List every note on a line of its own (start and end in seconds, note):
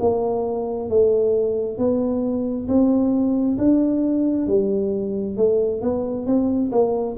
0.00 0.89 A#3
0.89 1.78 A3
1.78 2.67 B3
2.68 3.58 C4
3.58 4.47 D4
4.47 5.36 G3
5.37 5.81 A3
5.81 6.26 B3
6.26 6.71 C4
6.72 7.16 A#3